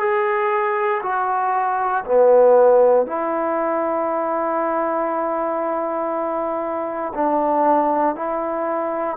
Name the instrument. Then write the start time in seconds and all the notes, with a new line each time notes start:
trombone
0.00 G#4
1.03 F#4
2.06 B3
3.06 E4
7.15 D4
8.16 E4